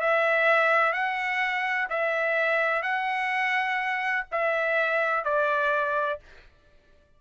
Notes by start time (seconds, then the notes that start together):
0.00 E5
0.92 F#5
1.89 E5
2.82 F#5
4.31 E5
5.24 D5